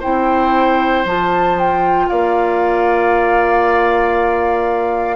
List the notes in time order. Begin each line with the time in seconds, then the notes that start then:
0.00 C4 E4 C5 G5
1.05 F3 F4 A5
1.59 G5
2.09 A#3 D5 F5